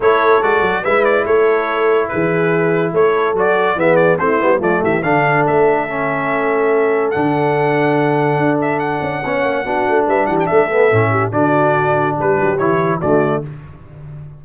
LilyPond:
<<
  \new Staff \with { instrumentName = "trumpet" } { \time 4/4 \tempo 4 = 143 cis''4 d''4 e''8 d''8 cis''4~ | cis''4 b'2 cis''4 | d''4 e''8 d''8 c''4 d''8 e''8 | f''4 e''2.~ |
e''4 fis''2.~ | fis''8 e''8 fis''2. | e''8 fis''16 g''16 e''2 d''4~ | d''4 b'4 cis''4 d''4 | }
  \new Staff \with { instrumentName = "horn" } { \time 4/4 a'2 b'4 a'4~ | a'4 gis'2 a'4~ | a'4 gis'4 e'4 f'8 g'8 | a'1~ |
a'1~ | a'2 cis''4 fis'4 | b'8 g'8 a'4. g'8 fis'4~ | fis'4 g'2 fis'4 | }
  \new Staff \with { instrumentName = "trombone" } { \time 4/4 e'4 fis'4 e'2~ | e'1 | fis'4 b4 c'8 b8 a4 | d'2 cis'2~ |
cis'4 d'2.~ | d'2 cis'4 d'4~ | d'4. b8 cis'4 d'4~ | d'2 e'4 a4 | }
  \new Staff \with { instrumentName = "tuba" } { \time 4/4 a4 gis8 fis8 gis4 a4~ | a4 e2 a4 | fis4 e4 a8 g8 f8 e8 | d4 a2.~ |
a4 d2. | d'4. cis'8 b8 ais8 b8 a8 | g8 e8 a4 a,4 d4~ | d4 g8 fis8 e4 d4 | }
>>